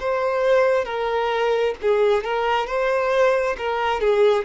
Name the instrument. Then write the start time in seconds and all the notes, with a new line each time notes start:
violin
0.00 C5
0.85 A#4
1.82 G#4
2.24 A#4
2.67 C5
3.58 A#4
4.01 G#4